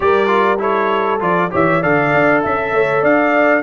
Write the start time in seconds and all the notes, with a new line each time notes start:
0.00 G3 G4 A#4 D5
0.27 F4
0.58 E4 A4 C#5
1.19 F3 F4 D5
1.50 E3 G4 C#5 E5
1.81 D3 A4 D5 F5
2.14 D4
2.42 C#4 E5
2.72 A3 C#5
3.02 D4 D5 F5